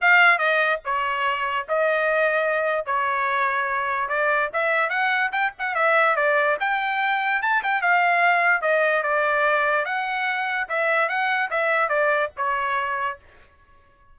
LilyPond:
\new Staff \with { instrumentName = "trumpet" } { \time 4/4 \tempo 4 = 146 f''4 dis''4 cis''2 | dis''2. cis''4~ | cis''2 d''4 e''4 | fis''4 g''8 fis''8 e''4 d''4 |
g''2 a''8 g''8 f''4~ | f''4 dis''4 d''2 | fis''2 e''4 fis''4 | e''4 d''4 cis''2 | }